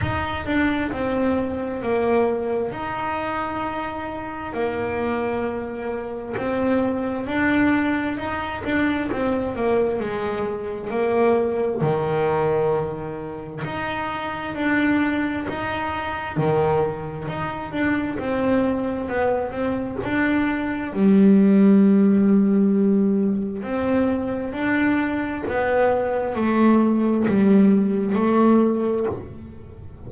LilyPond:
\new Staff \with { instrumentName = "double bass" } { \time 4/4 \tempo 4 = 66 dis'8 d'8 c'4 ais4 dis'4~ | dis'4 ais2 c'4 | d'4 dis'8 d'8 c'8 ais8 gis4 | ais4 dis2 dis'4 |
d'4 dis'4 dis4 dis'8 d'8 | c'4 b8 c'8 d'4 g4~ | g2 c'4 d'4 | b4 a4 g4 a4 | }